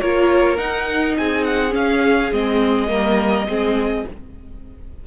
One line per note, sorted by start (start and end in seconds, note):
0.00 0.58 A#3
0.00 0.58 F4
0.00 1.17 A#4
0.00 0.58 C#5
0.58 1.71 D#4
0.58 1.16 D#4
0.58 1.16 F#5
1.18 1.75 C4
1.18 2.90 G#4
1.18 1.44 G#5
1.44 1.73 F#5
1.71 2.29 C#4
1.71 2.32 C#4
1.71 2.33 F5
2.32 2.89 G#3
2.32 2.88 C4
2.32 4.06 D#5
2.88 3.47 G3
2.88 3.45 A#3
2.88 3.48 A#4
3.47 4.05 G#3
3.47 4.07 C4
3.47 4.07 G#4